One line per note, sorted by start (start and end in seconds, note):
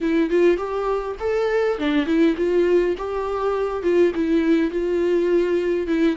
0.00 0.30 E4
0.30 0.57 F4
0.57 1.16 G4
1.19 1.78 A4
1.78 2.06 D4
2.06 2.35 E4
2.37 2.95 F4
2.97 3.82 G4
3.82 4.12 F4
4.14 4.71 E4
4.71 5.87 F4
5.87 6.16 E4